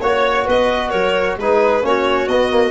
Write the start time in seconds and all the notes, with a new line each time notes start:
0.00 A#3 F#4 C#5
0.44 B3 B4 D#5
0.90 F#3 A#4 C#5
1.37 G#3 D#4 G#4 B4
1.81 A#3 C#4 F#4 C#5
2.27 B3 D#5
2.50 A#3